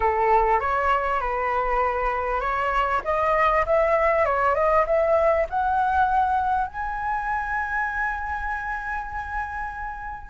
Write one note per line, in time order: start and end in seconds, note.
0.00 0.60 A4
0.60 1.20 C#5
1.20 2.40 B4
2.40 3.01 C#5
3.04 3.65 D#5
3.65 4.25 E5
4.25 4.55 C#5
4.55 4.85 D#5
4.86 5.47 E5
5.49 6.67 F#5
6.67 10.30 G#5